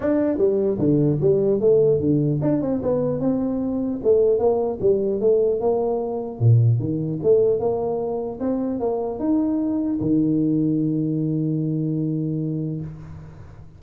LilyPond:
\new Staff \with { instrumentName = "tuba" } { \time 4/4 \tempo 4 = 150 d'4 g4 d4 g4 | a4 d4 d'8 c'8 b4 | c'2 a4 ais4 | g4 a4 ais2 |
ais,4 dis4 a4 ais4~ | ais4 c'4 ais4 dis'4~ | dis'4 dis2.~ | dis1 | }